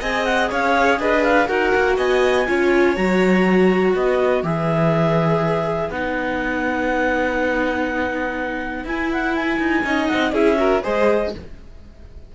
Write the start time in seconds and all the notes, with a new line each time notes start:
0.00 C4 G#4 D#5 G#5
0.24 F#5
0.50 C#4 C#5 F5
0.99 D4 B4 D#5
1.23 F5
1.47 D#4 F#4 A#4 F#5
1.74 A#3
1.97 B3 D#5 G#5
2.47 C#4 F4 C#5
2.95 F#3 F#4 A#5
3.94 B3 B4 D#5
4.42 E3 G#4 E5
5.89 B3 D#4 F#5
8.84 E4 G#5
9.12 F#5
9.35 G#5
9.59 D#4
9.83 C#4 D#4 D#5
10.07 C4 F#5
10.32 C#4 E4 G#4 E5
10.56 F#4 A#4
10.83 G#3 G#4 C5 D#5